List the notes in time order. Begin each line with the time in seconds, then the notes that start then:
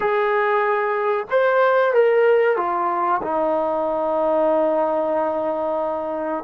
0.00 G#4
1.30 C5
1.93 A#4
2.56 F4
3.22 D#4